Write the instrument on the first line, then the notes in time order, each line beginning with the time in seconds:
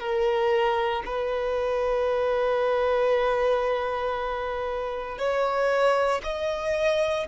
violin
0.00 A#4
1.06 B4
5.19 C#5
6.24 D#5